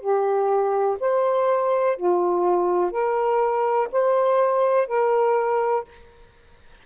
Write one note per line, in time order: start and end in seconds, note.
0.00 0.97 G4
0.99 1.96 C5
1.97 2.91 F4
2.91 3.88 A#4
3.91 4.87 C5
4.87 5.84 A#4